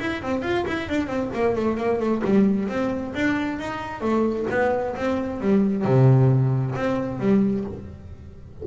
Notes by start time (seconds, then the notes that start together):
0.00 E4
0.22 C4
0.42 F4
0.67 E4
0.89 D4
1.07 C4
1.34 A#3
1.55 A3
1.78 A#3
2.00 A3
2.24 G3
2.69 C4
3.15 D4
3.59 D#4
4.01 A3
4.50 B3
4.96 C4
5.41 G3
5.85 C3
6.75 C4
7.20 G3